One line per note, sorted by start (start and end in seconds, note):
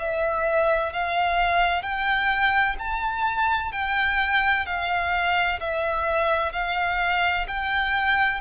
0.00 0.93 E5
0.93 1.83 F5
1.83 2.77 G5
2.79 3.72 A5
3.72 4.66 G5
4.66 5.60 F5
5.61 6.53 E5
6.53 7.47 F5
7.48 8.41 G5